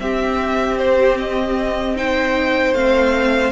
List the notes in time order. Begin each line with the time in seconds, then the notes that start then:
0.00 C4 G4 E5
0.78 C5
1.19 D#5
1.96 D#4 C5 G5
2.73 A3 C4 F5